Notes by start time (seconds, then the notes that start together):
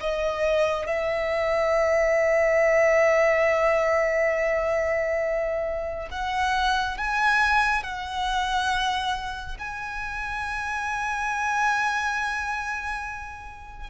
0.00 D#5
0.87 E5
6.10 F#5
6.97 G#5
7.83 F#5
9.58 G#5